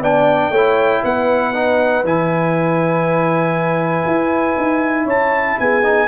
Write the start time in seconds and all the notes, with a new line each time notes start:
0.00 B3 D4 D5 G5
0.49 A3 E4 C#5
1.03 B3 B4 F#5
1.53 D#4
2.03 E3 E4 G#5
4.06 E4
4.57 D#4
5.05 C#4 C#5 A5
5.59 B3 G#4 G#5
5.83 D#4